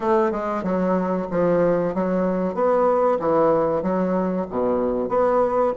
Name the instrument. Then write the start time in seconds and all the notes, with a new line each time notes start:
bassoon
0.00 A3
0.31 G#3
0.63 F#3
1.31 F3
1.94 F#3
2.54 B3
3.19 E3
3.82 F#3
4.49 B2
5.08 B3